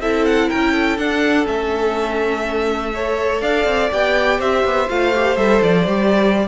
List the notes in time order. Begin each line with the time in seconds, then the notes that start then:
0.00 C4 E4 A4 E5
0.25 F#5
0.49 C#4 A#4 G5
0.72 A4
0.98 D4 F#5
1.46 A3 C#4 E5
2.94 A4 C#5
3.41 D4 D5 F5
3.64 C4
3.91 B3 G4 G5
4.39 C4 C5 E5
4.64 B3
4.89 A3 F4 F5
5.15 G4
5.37 G3 A4 E5
5.62 F3 D5
5.87 G3 G4